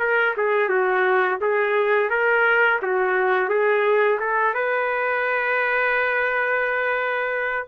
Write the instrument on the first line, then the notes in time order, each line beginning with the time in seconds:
trumpet
0.00 A#4
0.38 G#4
0.69 F#4
1.41 G#4
2.10 A#4
2.83 F#4
3.49 G#4
4.20 A4
4.55 B4